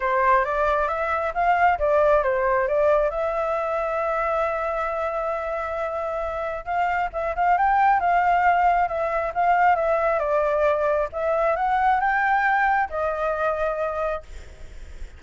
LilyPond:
\new Staff \with { instrumentName = "flute" } { \time 4/4 \tempo 4 = 135 c''4 d''4 e''4 f''4 | d''4 c''4 d''4 e''4~ | e''1~ | e''2. f''4 |
e''8 f''8 g''4 f''2 | e''4 f''4 e''4 d''4~ | d''4 e''4 fis''4 g''4~ | g''4 dis''2. | }